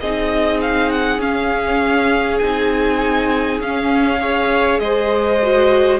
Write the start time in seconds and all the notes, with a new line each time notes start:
0.00 C4 D#4 G#4 D#5
0.61 F5
0.91 F#5
1.19 C#4 F5
2.39 C4 D#4 G#5
3.60 C#4 F5
4.20 G#4 C#5
4.79 G#3 C5 D#5
5.42 F#4